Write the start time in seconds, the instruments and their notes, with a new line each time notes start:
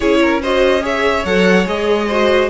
0.00 cello C#4, viola E4, violin G#4 C#5
0.21 violin A#4
0.42 viola F#4, violin C5 D#5
0.80 viola G#4, violin C#5 E5
1.24 cello F#3, viola A4, violin F#5
1.65 cello G#3, viola G#4, violin D#5
2.07 viola F#4, violin C5